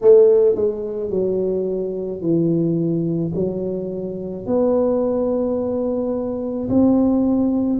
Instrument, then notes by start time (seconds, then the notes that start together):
tuba
0.01 A3
0.55 G#3
1.10 F#3
2.21 E3
3.35 F#3
4.46 B3
6.69 C4